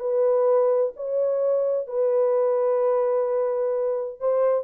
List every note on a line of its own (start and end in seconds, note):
0.00 0.93 B4
0.96 1.88 C#5
1.88 4.20 B4
4.20 4.64 C5